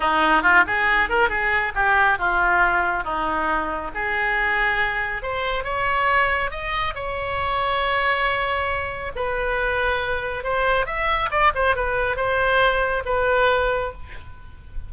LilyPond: \new Staff \with { instrumentName = "oboe" } { \time 4/4 \tempo 4 = 138 dis'4 f'8 gis'4 ais'8 gis'4 | g'4 f'2 dis'4~ | dis'4 gis'2. | c''4 cis''2 dis''4 |
cis''1~ | cis''4 b'2. | c''4 e''4 d''8 c''8 b'4 | c''2 b'2 | }